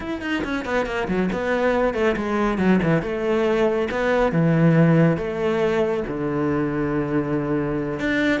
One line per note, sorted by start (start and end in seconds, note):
0.00 0.21 E4
0.21 0.43 D#4
0.44 0.65 C#4
0.65 0.86 B3
0.86 1.07 A#3
1.08 1.29 F#3
1.32 1.93 B3
1.93 2.15 A3
2.16 2.58 G#3
2.58 2.79 F#3
2.82 3.02 E3
3.02 3.88 A3
3.91 4.32 B3
4.32 5.17 E3
5.17 6.03 A3
6.07 7.99 D3
7.99 8.40 D4